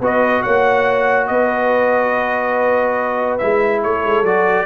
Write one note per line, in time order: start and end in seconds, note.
0.00 0.42 B3
0.00 3.40 F#4
0.00 0.42 B4
0.00 0.42 D#5
0.42 1.29 A#3
0.42 1.27 C#5
0.42 1.27 F#5
1.27 3.41 B3
1.27 3.83 B4
1.27 3.38 D#5
3.38 3.84 G#3
3.38 4.25 E4
3.38 3.80 E5
3.83 4.04 A3
3.83 4.66 A4
3.83 4.25 C#5
4.04 4.23 G#3
4.23 4.65 F#3
4.23 4.66 F#4
4.23 4.66 D5